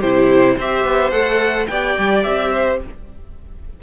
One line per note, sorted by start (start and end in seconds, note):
0.00 0.57 C3
0.00 0.58 E4
0.00 0.56 G4
0.00 0.57 C5
0.56 0.84 C4
0.56 1.12 G4
0.56 1.68 C5
0.56 1.11 E5
0.84 1.12 B3
1.11 1.67 A3
1.11 1.67 A4
1.11 1.66 F#5
1.67 1.97 B3
1.67 2.83 G4
1.67 2.53 D5
1.67 2.23 G5
1.98 2.25 G3
2.23 2.81 C4
2.23 2.78 E5
2.53 2.80 C5